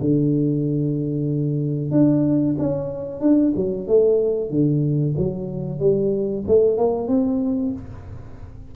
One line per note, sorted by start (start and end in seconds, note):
0.00 1.91 D3
1.91 2.55 D4
2.58 3.20 C#4
3.20 3.52 D4
3.55 3.87 F#3
3.87 4.50 A3
4.50 5.14 D3
5.17 5.79 F#3
5.79 6.44 G3
6.47 6.77 A3
6.77 7.08 A#3
7.08 7.72 C4